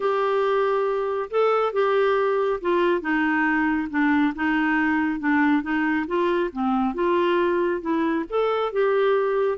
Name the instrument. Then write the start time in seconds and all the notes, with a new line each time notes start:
clarinet
0.00 G4
1.30 A4
1.73 G4
2.61 F4
3.01 D#4
3.90 D4
4.35 D#4
5.19 D4
5.62 D#4
6.07 F4
6.52 C4
6.94 F4
7.81 E4
8.29 A4
8.72 G4